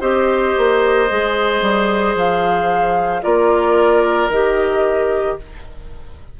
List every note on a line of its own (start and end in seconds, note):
0.00 0.54 C4
0.00 1.08 G4
0.00 3.21 C5
0.00 2.15 D#5
0.57 1.10 A#3
1.09 1.61 G#3
1.09 3.22 G#4
1.61 2.14 G3
2.14 3.21 F3
2.14 3.23 F5
3.22 4.29 A#3
3.22 4.29 F4
3.22 5.37 A#4
3.22 4.30 D5
4.29 5.36 D#3
4.29 5.39 G4
4.29 5.37 D#5